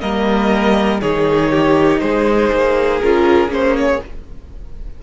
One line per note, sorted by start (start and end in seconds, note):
0.00 1.01 G3
0.00 1.00 A#3
0.00 1.01 A#4
0.00 1.00 D#5
1.00 2.01 D#3
1.00 3.01 D#4
1.00 1.51 G#4
1.00 1.99 C#5
1.51 2.01 G4
1.99 2.51 G#3
1.99 4.03 G#4
1.99 2.99 C5
2.52 3.02 A#3
3.00 3.48 C#4
3.00 3.49 F4
3.00 3.50 A#4
3.48 3.98 A#3
3.48 3.99 C#4
3.48 3.76 C5
3.76 4.01 C#5